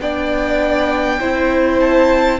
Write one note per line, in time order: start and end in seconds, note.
0.00 1.20 B3
0.00 1.21 D4
0.00 1.20 D5
0.00 1.80 G5
1.20 2.40 C4
1.20 2.40 E4
1.20 2.40 C5
1.80 2.40 A5